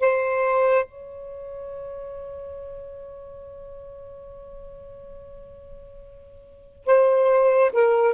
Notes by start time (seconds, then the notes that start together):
0.00 C5
0.85 C#5
6.85 C5
7.73 A#4